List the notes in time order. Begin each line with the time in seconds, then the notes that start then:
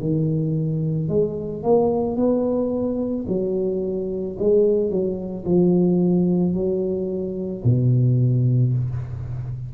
0.00 D#3
1.09 G#3
1.64 A#3
2.17 B3
3.28 F#3
4.39 G#3
4.90 F#3
5.45 F3
6.55 F#3
7.65 B2